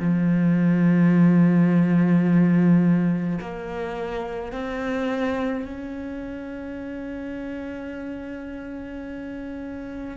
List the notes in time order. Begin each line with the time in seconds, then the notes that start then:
0.00 F3
3.41 A#3
4.52 C4
5.66 C#4